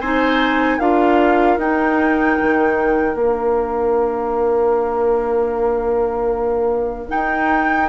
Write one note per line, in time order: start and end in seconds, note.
0.00 0.79 C4
0.00 0.80 D#4
0.00 0.78 C5
0.00 0.80 G#5
0.78 1.58 D4
0.78 1.59 F4
0.78 7.89 A#4
0.78 1.59 F5
1.58 2.37 D#4
1.58 3.17 D#4
1.58 3.17 G5
2.41 3.15 D#3
3.15 7.09 A#3
3.15 7.08 D4
3.15 7.10 F5
7.08 7.87 D#4
7.08 7.89 G5
7.15 7.89 D#4